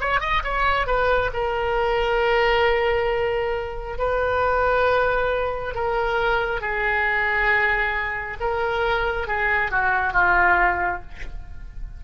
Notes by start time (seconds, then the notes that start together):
0.00 C#5
0.20 D#5
0.44 C#5
0.86 B4
1.33 A#4
3.98 B4
5.74 A#4
6.61 G#4
8.40 A#4
9.27 G#4
9.71 F#4
10.13 F4